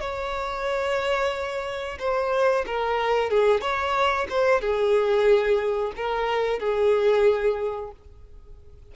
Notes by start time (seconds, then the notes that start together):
0.00 C#5
1.99 C5
2.66 A#4
3.30 G#4
3.61 C#5
4.29 C5
4.61 G#4
5.96 A#4
6.59 G#4